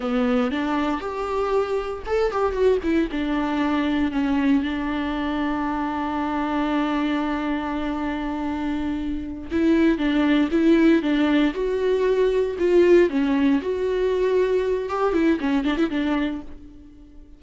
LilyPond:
\new Staff \with { instrumentName = "viola" } { \time 4/4 \tempo 4 = 117 b4 d'4 g'2 | a'8 g'8 fis'8 e'8 d'2 | cis'4 d'2.~ | d'1~ |
d'2~ d'8 e'4 d'8~ | d'8 e'4 d'4 fis'4.~ | fis'8 f'4 cis'4 fis'4.~ | fis'4 g'8 e'8 cis'8 d'16 e'16 d'4 | }